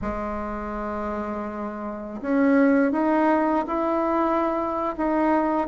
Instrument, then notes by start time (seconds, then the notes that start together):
bassoon
0.01 G#3
2.21 C#4
2.91 D#4
3.67 E4
4.97 D#4